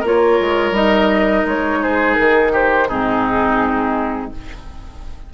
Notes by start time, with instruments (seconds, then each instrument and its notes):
0.00 bassoon A#3, clarinet F4, oboe A#4, flute C#5
0.40 bassoon G#3
0.71 bassoon G3, clarinet D#4, flute D#5
1.45 bassoon G#3, flute C#5
1.82 oboe G#4, flute C5
2.14 bassoon D#3, flute A#4
2.52 oboe G4, flute C5
2.87 bassoon G#2, clarinet C4, oboe D#4, flute G#4